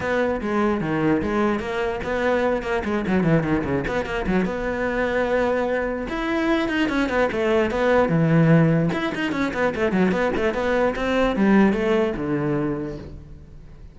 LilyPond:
\new Staff \with { instrumentName = "cello" } { \time 4/4 \tempo 4 = 148 b4 gis4 dis4 gis4 | ais4 b4. ais8 gis8 fis8 | e8 dis8 cis8 b8 ais8 fis8 b4~ | b2. e'4~ |
e'8 dis'8 cis'8 b8 a4 b4 | e2 e'8 dis'8 cis'8 b8 | a8 fis8 b8 a8 b4 c'4 | g4 a4 d2 | }